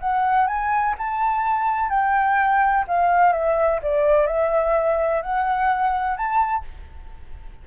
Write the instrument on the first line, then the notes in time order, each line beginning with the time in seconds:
flute
0.00 F#5
0.47 G#5
0.98 A5
1.89 G5
2.88 F5
3.33 E5
3.82 D5
4.27 E5
5.22 F#5
6.17 A5